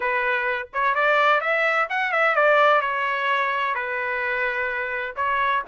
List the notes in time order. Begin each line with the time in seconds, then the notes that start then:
0.00 B4
0.73 C#5
0.94 D5
1.40 E5
1.89 F#5
2.12 E5
2.35 D5
2.81 C#5
3.74 B4
5.16 C#5